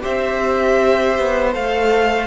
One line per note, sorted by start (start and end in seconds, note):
0.00 1.19 C4
0.00 1.52 G4
0.00 2.27 C5
0.00 1.54 E5
1.19 1.55 B3
1.53 2.27 A3
1.53 2.27 A4
1.53 2.27 F5